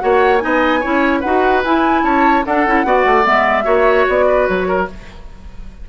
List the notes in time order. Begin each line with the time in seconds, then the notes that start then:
0.00 A#3 F#4 C#5 F#5
0.39 B3 D#4 G#5
0.45 D#5
0.81 C#4 E4 C#5
1.21 D#4 F#4 B4 F#5
1.65 E4 G#5
2.03 C#4 C#5 A5
2.45 D4 A4 F#5
2.67 C#4 E4
2.85 B3 F#4 D5
3.06 A3
3.23 G#3 B3 E5
3.64 A#3 F#4 C#5
4.09 B3 D5
4.28 B4
4.48 F#3 C#5
4.68 A#4